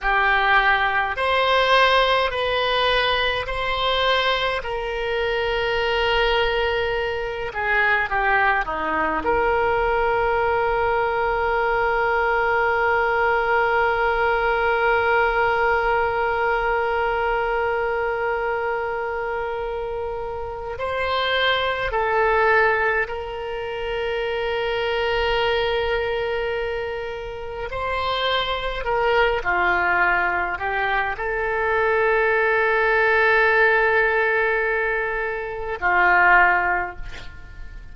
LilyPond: \new Staff \with { instrumentName = "oboe" } { \time 4/4 \tempo 4 = 52 g'4 c''4 b'4 c''4 | ais'2~ ais'8 gis'8 g'8 dis'8 | ais'1~ | ais'1~ |
ais'2 c''4 a'4 | ais'1 | c''4 ais'8 f'4 g'8 a'4~ | a'2. f'4 | }